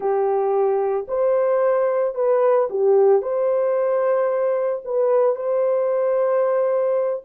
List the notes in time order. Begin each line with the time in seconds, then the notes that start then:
0.00 G4
1.08 C5
2.15 B4
2.70 G4
3.21 C5
4.85 B4
5.35 C5